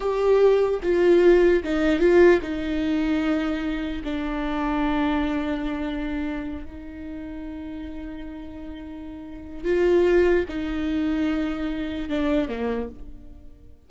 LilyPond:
\new Staff \with { instrumentName = "viola" } { \time 4/4 \tempo 4 = 149 g'2 f'2 | dis'4 f'4 dis'2~ | dis'2 d'2~ | d'1~ |
d'8 dis'2.~ dis'8~ | dis'1 | f'2 dis'2~ | dis'2 d'4 ais4 | }